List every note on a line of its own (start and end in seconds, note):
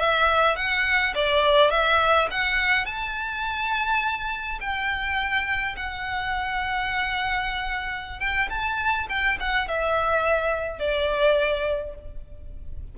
0.00 0.56 E5
0.56 1.14 F#5
1.15 1.71 D5
1.71 2.28 E5
2.31 2.86 F#5
2.86 4.59 A5
4.61 5.76 G5
5.77 8.20 F#5
8.20 8.49 G5
8.50 9.08 A5
9.09 9.38 G5
9.40 9.68 F#5
9.68 10.80 E5
10.80 11.95 D5